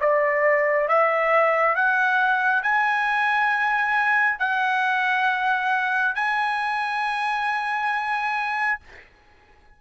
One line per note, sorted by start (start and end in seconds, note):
0.00 0.88 D5
0.88 1.75 E5
1.75 2.62 F#5
2.62 4.39 G#5
4.39 6.15 F#5
6.15 8.80 G#5